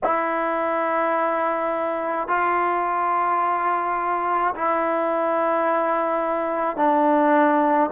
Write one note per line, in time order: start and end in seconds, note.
0.03 2.27 E4
2.27 4.54 F4
4.55 6.76 E4
6.76 7.89 D4